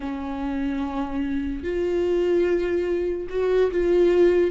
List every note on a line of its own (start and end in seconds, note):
0.00 1.63 C#4
1.63 3.27 F4
3.29 3.70 F#4
3.71 4.51 F4